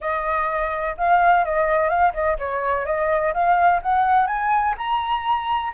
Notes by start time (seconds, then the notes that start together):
0.00 D#5
0.97 F5
1.44 D#5
1.89 F5
2.13 D#5
2.38 C#5
2.85 D#5
3.33 F5
3.82 F#5
4.27 G#5
4.77 A#5